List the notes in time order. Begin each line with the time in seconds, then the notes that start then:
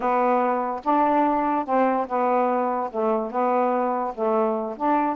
0.00 B3
0.84 D4
1.65 C4
2.07 B3
2.91 A3
3.31 B3
4.14 A3
4.77 D4